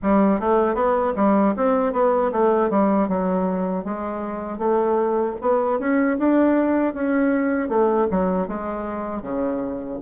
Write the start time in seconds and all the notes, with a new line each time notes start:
0.02 G3
0.40 A3
0.74 B3
1.15 G3
1.56 C4
1.92 B3
2.31 A3
2.70 G3
3.08 F#3
3.84 G#3
4.58 A3
5.41 B3
5.79 C#4
6.18 D4
6.94 C#4
7.69 A3
8.10 F#3
8.47 G#3
9.22 C#3